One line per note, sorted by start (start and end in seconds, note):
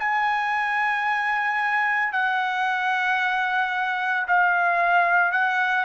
0.00 2.13 G#5
2.13 4.27 F#5
4.28 5.32 F5
5.32 5.85 F#5